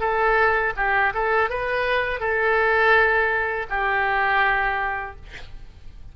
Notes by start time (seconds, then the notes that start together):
0.00 A4
0.76 G4
1.14 A4
1.50 B4
2.20 A4
3.70 G4